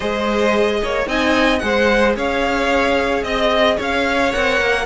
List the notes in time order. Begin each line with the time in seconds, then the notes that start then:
0.00 G#3 G#4 C5 D#5
0.82 A#3 C#5
1.06 C4 D#4 D#5 G#5
1.58 G#3 G#4 F#5
1.65 C5
2.15 C#4 C#5 F5
3.23 C4 D#5
3.76 C#4 C#5 F5
4.32 C4 A#4 F#5
4.60 A#3